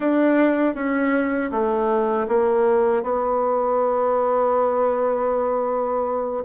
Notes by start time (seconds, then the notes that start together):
0.00 D4
0.75 C#4
1.51 A3
2.28 A#3
3.02 B3